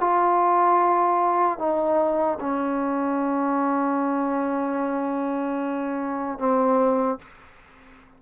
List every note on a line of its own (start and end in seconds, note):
0.00 1.59 F4
1.59 2.39 D#4
2.40 6.39 C#4
6.39 7.19 C4